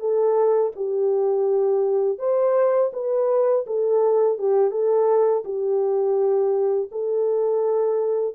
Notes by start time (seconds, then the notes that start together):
0.00 A4
0.76 G4
2.19 C5
2.93 B4
3.67 A4
4.39 G4
4.72 A4
5.45 G4
6.92 A4